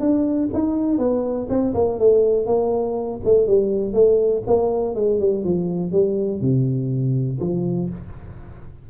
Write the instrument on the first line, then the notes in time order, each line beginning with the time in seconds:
tuba
0.00 D4
0.53 D#4
0.98 B3
1.49 C4
1.74 A#3
1.99 A3
2.46 A#3
3.25 A3
3.47 G3
3.93 A3
4.47 A#3
4.95 G#3
5.20 G3
5.44 F3
5.92 G3
6.41 C3
7.40 F3